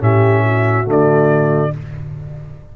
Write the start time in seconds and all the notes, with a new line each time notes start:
0.00 A2 C#4 G4 E5
0.44 F#4
0.85 D3 A3 D5